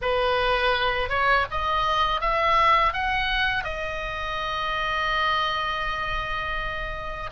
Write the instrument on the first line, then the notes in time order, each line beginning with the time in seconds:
oboe
0.01 B4
1.09 C#5
1.50 D#5
2.20 E5
2.93 F#5
3.64 D#5